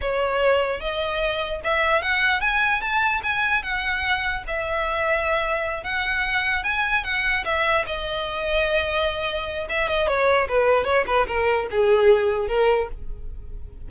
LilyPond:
\new Staff \with { instrumentName = "violin" } { \time 4/4 \tempo 4 = 149 cis''2 dis''2 | e''4 fis''4 gis''4 a''4 | gis''4 fis''2 e''4~ | e''2~ e''8 fis''4.~ |
fis''8 gis''4 fis''4 e''4 dis''8~ | dis''1 | e''8 dis''8 cis''4 b'4 cis''8 b'8 | ais'4 gis'2 ais'4 | }